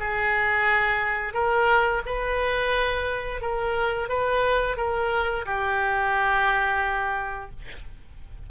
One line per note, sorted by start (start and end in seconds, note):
0.00 1.34 G#4
1.34 2.02 A#4
2.06 3.42 B4
3.42 4.09 A#4
4.09 4.77 B4
4.77 5.45 A#4
5.46 7.50 G4